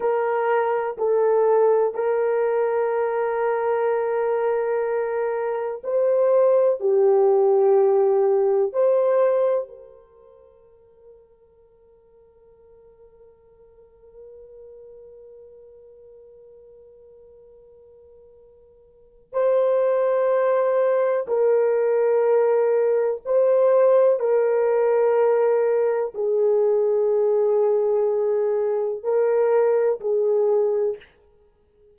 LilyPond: \new Staff \with { instrumentName = "horn" } { \time 4/4 \tempo 4 = 62 ais'4 a'4 ais'2~ | ais'2 c''4 g'4~ | g'4 c''4 ais'2~ | ais'1~ |
ais'1 | c''2 ais'2 | c''4 ais'2 gis'4~ | gis'2 ais'4 gis'4 | }